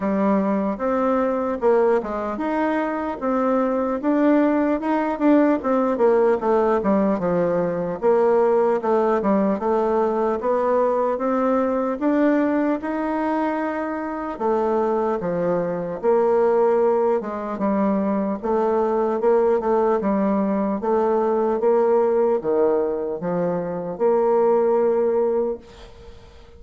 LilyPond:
\new Staff \with { instrumentName = "bassoon" } { \time 4/4 \tempo 4 = 75 g4 c'4 ais8 gis8 dis'4 | c'4 d'4 dis'8 d'8 c'8 ais8 | a8 g8 f4 ais4 a8 g8 | a4 b4 c'4 d'4 |
dis'2 a4 f4 | ais4. gis8 g4 a4 | ais8 a8 g4 a4 ais4 | dis4 f4 ais2 | }